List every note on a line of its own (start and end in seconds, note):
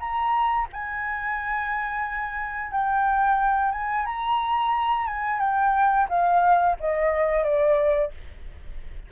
0.00 0.67 A#5
0.73 2.72 G#5
2.72 3.72 G5
3.72 4.06 G#5
4.06 5.07 A#5
5.07 5.40 G#5
5.40 6.07 G5
6.09 6.76 F5
6.80 7.44 D#5
7.44 8.11 D5